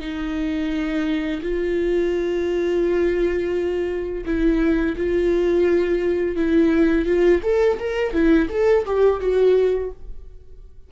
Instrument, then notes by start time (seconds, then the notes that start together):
viola
0.00 D#4
1.42 F4
4.25 E4
4.97 F4
6.36 E4
7.06 F4
7.43 A4
7.79 A#4
8.13 E4
8.50 A4
8.85 G4
9.20 F#4